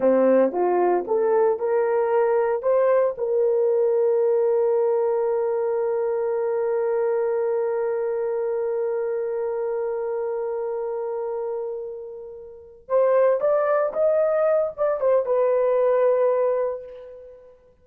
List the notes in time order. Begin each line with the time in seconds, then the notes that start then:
0.00 C4
0.51 F4
1.07 A4
1.59 A#4
2.62 C5
3.17 A#4
12.88 C5
13.40 D5
13.93 D#5
14.77 D5
15.00 C5
15.25 B4